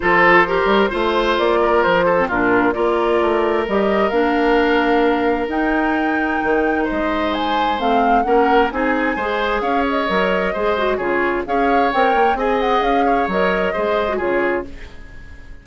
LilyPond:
<<
  \new Staff \with { instrumentName = "flute" } { \time 4/4 \tempo 4 = 131 c''2. d''4 | c''4 ais'4 d''2 | dis''4 f''2. | g''2. dis''4 |
gis''4 f''4 fis''4 gis''4~ | gis''4 f''8 dis''2~ dis''8 | cis''4 f''4 g''4 gis''8 fis''8 | f''4 dis''2 cis''4 | }
  \new Staff \with { instrumentName = "oboe" } { \time 4/4 a'4 ais'4 c''4. ais'8~ | ais'8 a'8 f'4 ais'2~ | ais'1~ | ais'2. c''4~ |
c''2 ais'4 gis'4 | c''4 cis''2 c''4 | gis'4 cis''2 dis''4~ | dis''8 cis''4. c''4 gis'4 | }
  \new Staff \with { instrumentName = "clarinet" } { \time 4/4 f'4 g'4 f'2~ | f'8. c'16 d'4 f'2 | g'4 d'2. | dis'1~ |
dis'4 c'4 cis'4 dis'4 | gis'2 ais'4 gis'8 fis'8 | f'4 gis'4 ais'4 gis'4~ | gis'4 ais'4 gis'8. fis'16 f'4 | }
  \new Staff \with { instrumentName = "bassoon" } { \time 4/4 f4. g8 a4 ais4 | f4 ais,4 ais4 a4 | g4 ais2. | dis'2 dis4 gis4~ |
gis4 a4 ais4 c'4 | gis4 cis'4 fis4 gis4 | cis4 cis'4 c'8 ais8 c'4 | cis'4 fis4 gis4 cis4 | }
>>